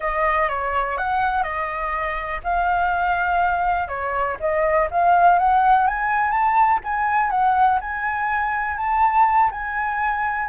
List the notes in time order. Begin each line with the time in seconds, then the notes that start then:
0.00 D#5
0.48 C#5
0.97 F#5
1.43 D#5
2.43 F5
3.88 C#5
4.40 D#5
4.90 F5
5.39 F#5
5.87 G#5
6.31 A5
6.84 G#5
7.30 F#5
7.80 G#5
8.77 A5
9.51 G#5